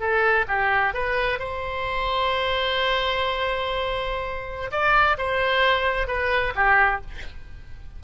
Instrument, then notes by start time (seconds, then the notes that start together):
oboe
0.00 A4
0.48 G4
0.94 B4
1.39 C5
4.72 D5
5.18 C5
6.08 B4
6.56 G4